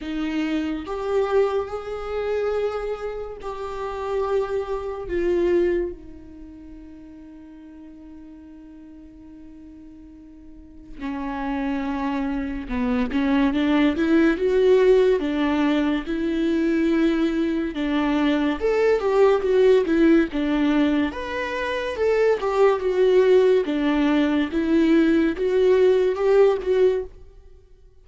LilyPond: \new Staff \with { instrumentName = "viola" } { \time 4/4 \tempo 4 = 71 dis'4 g'4 gis'2 | g'2 f'4 dis'4~ | dis'1~ | dis'4 cis'2 b8 cis'8 |
d'8 e'8 fis'4 d'4 e'4~ | e'4 d'4 a'8 g'8 fis'8 e'8 | d'4 b'4 a'8 g'8 fis'4 | d'4 e'4 fis'4 g'8 fis'8 | }